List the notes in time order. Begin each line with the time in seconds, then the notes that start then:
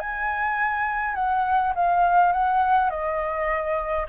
0.00 G#5
1.15 F#5
1.76 F5
2.33 F#5
2.90 D#5